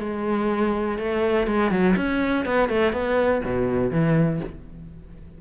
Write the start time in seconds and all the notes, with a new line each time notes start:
0.00 G#3
0.98 A3
1.47 G#3
1.71 F#3
1.96 C#4
2.46 B3
2.69 A3
2.93 B3
3.45 B2
3.91 E3